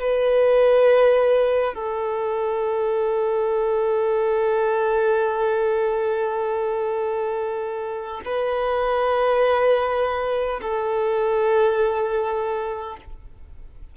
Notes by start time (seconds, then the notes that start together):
0.00 B4
1.74 A4
8.25 B4
10.61 A4